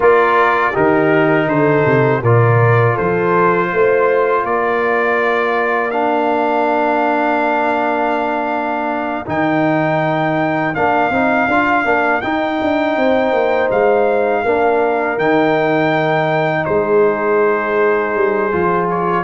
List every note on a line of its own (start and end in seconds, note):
0.00 0.74 A#3
0.00 0.72 F4
0.00 0.72 A#4
0.00 0.76 D5
0.72 1.47 D#3
0.72 2.22 D#4
0.72 1.46 G4
0.72 1.48 A#4
1.47 1.84 D3
1.47 2.22 A4
1.47 2.22 C5
1.85 2.22 C3
2.22 2.96 A#2
2.22 5.92 F4
2.22 2.94 A#4
2.22 2.97 D5
2.94 3.72 F3
2.94 3.68 A4
2.94 4.45 C5
3.72 4.44 A3
3.72 4.42 C5
4.42 9.25 A#3
4.42 12.94 A#4
4.42 5.91 D5
5.91 9.25 D4
5.91 9.24 F5
9.25 10.75 D#3
9.25 10.74 D#4
9.25 10.74 G5
10.74 11.09 A#3
10.74 11.11 D4
10.74 12.21 F5
11.09 11.46 C4
11.09 11.49 D#4
11.47 11.84 D4
11.47 11.84 F4
11.84 12.21 A#3
11.84 12.21 D4
12.21 12.60 D#4
12.21 14.45 D#4
12.21 13.69 G5
12.61 12.96 D4
12.96 13.32 C4
12.96 14.43 C5
13.32 13.69 A#3
13.71 14.45 G#3
13.71 15.19 F5
14.43 15.17 A#3
14.43 15.18 D4
14.43 16.65 A#4
15.17 16.65 D#3
15.17 18.51 D#4
15.17 16.64 G5
16.64 18.15 G#3
16.64 19.23 G#4
16.64 18.87 C5
18.15 18.52 G3
18.51 19.23 F3
18.51 19.23 F4
18.90 19.23 C#5